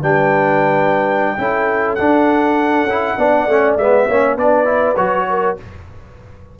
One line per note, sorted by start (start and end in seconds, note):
0.00 1.36 G3
0.00 1.37 D4
0.00 1.35 B4
0.00 1.94 G5
1.37 1.98 C#4
1.37 1.97 E4
1.37 3.18 A4
1.94 2.88 D4
1.94 2.83 D4
1.94 3.74 F#5
2.83 3.13 C#4
2.83 3.18 E4
3.17 3.47 B3
3.17 3.48 D4
3.17 4.06 D5
3.47 3.76 A3
3.47 3.79 C#4
3.76 4.06 G#3
3.76 4.09 B3
3.76 4.37 E5
4.06 4.36 A#3
4.06 4.38 C#4
4.06 4.35 C#5
4.35 4.96 B3
4.35 4.65 D4
4.35 5.25 B4
4.35 4.96 D5
4.65 4.95 E4
4.96 5.57 F#3
4.96 5.57 F#4
4.96 5.56 C#5
5.29 5.59 A#4